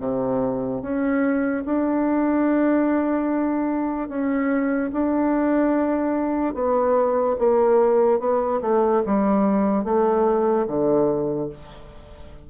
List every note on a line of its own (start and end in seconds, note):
0.00 0.82 C3
0.82 1.64 C#4
1.66 4.08 D4
4.08 4.91 C#4
4.93 6.54 D4
6.54 7.36 B3
7.39 8.19 A#3
8.19 8.60 B3
8.62 9.03 A3
9.06 9.84 G3
9.84 10.66 A3
10.67 11.49 D3